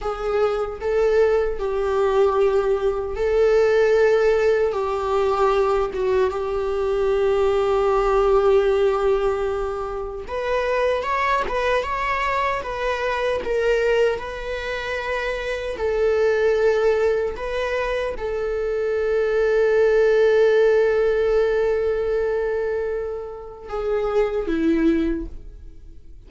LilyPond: \new Staff \with { instrumentName = "viola" } { \time 4/4 \tempo 4 = 76 gis'4 a'4 g'2 | a'2 g'4. fis'8 | g'1~ | g'4 b'4 cis''8 b'8 cis''4 |
b'4 ais'4 b'2 | a'2 b'4 a'4~ | a'1~ | a'2 gis'4 e'4 | }